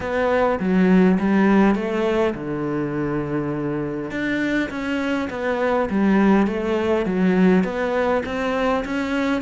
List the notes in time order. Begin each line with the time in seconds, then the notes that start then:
0.00 B3
0.59 F#3
1.19 G3
1.75 A3
2.34 D3
4.10 D4
4.70 C#4
5.30 B3
5.90 G3
6.47 A3
7.05 F#3
7.64 B3
8.25 C4
8.84 C#4